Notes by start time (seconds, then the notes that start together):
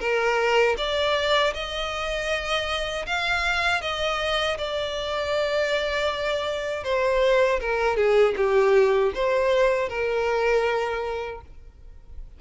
0.00 A#4
0.77 D5
1.54 D#5
3.07 F5
3.81 D#5
4.58 D5
6.84 C5
7.60 A#4
7.97 G#4
8.37 G4
9.15 C5
9.89 A#4